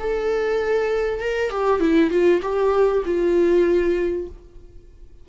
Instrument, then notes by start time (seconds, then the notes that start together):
viola
0.00 A4
1.21 A#4
1.51 G4
1.81 E4
2.11 F4
2.42 G4
3.06 F4